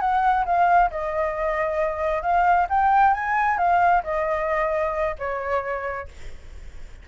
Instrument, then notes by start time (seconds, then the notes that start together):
flute
0.00 F#5
0.45 F5
0.91 D#5
2.22 F5
2.69 G5
3.14 G#5
3.58 F5
4.03 D#5
5.19 C#5